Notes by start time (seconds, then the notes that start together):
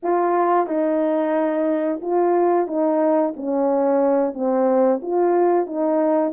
0.02 F4
0.67 D#4
2.02 F4
2.67 D#4
3.36 C#4
4.33 C4
5.02 F4
5.66 D#4